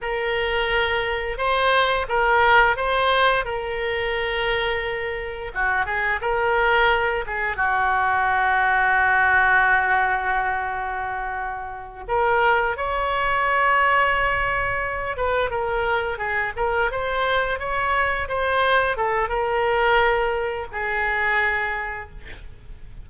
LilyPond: \new Staff \with { instrumentName = "oboe" } { \time 4/4 \tempo 4 = 87 ais'2 c''4 ais'4 | c''4 ais'2. | fis'8 gis'8 ais'4. gis'8 fis'4~ | fis'1~ |
fis'4. ais'4 cis''4.~ | cis''2 b'8 ais'4 gis'8 | ais'8 c''4 cis''4 c''4 a'8 | ais'2 gis'2 | }